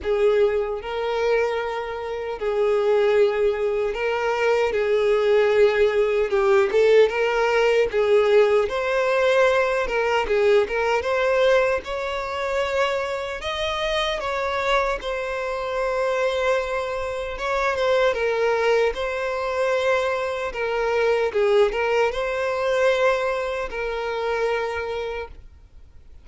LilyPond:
\new Staff \with { instrumentName = "violin" } { \time 4/4 \tempo 4 = 76 gis'4 ais'2 gis'4~ | gis'4 ais'4 gis'2 | g'8 a'8 ais'4 gis'4 c''4~ | c''8 ais'8 gis'8 ais'8 c''4 cis''4~ |
cis''4 dis''4 cis''4 c''4~ | c''2 cis''8 c''8 ais'4 | c''2 ais'4 gis'8 ais'8 | c''2 ais'2 | }